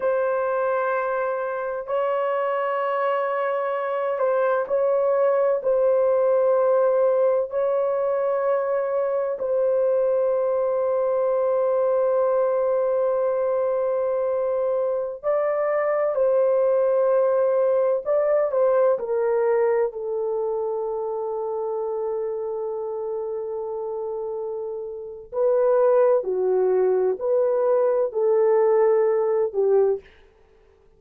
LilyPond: \new Staff \with { instrumentName = "horn" } { \time 4/4 \tempo 4 = 64 c''2 cis''2~ | cis''8 c''8 cis''4 c''2 | cis''2 c''2~ | c''1~ |
c''16 d''4 c''2 d''8 c''16~ | c''16 ais'4 a'2~ a'8.~ | a'2. b'4 | fis'4 b'4 a'4. g'8 | }